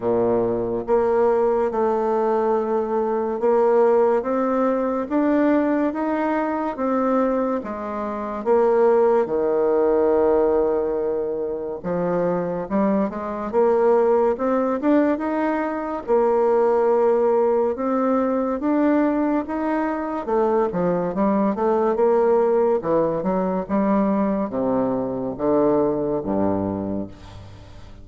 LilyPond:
\new Staff \with { instrumentName = "bassoon" } { \time 4/4 \tempo 4 = 71 ais,4 ais4 a2 | ais4 c'4 d'4 dis'4 | c'4 gis4 ais4 dis4~ | dis2 f4 g8 gis8 |
ais4 c'8 d'8 dis'4 ais4~ | ais4 c'4 d'4 dis'4 | a8 f8 g8 a8 ais4 e8 fis8 | g4 c4 d4 g,4 | }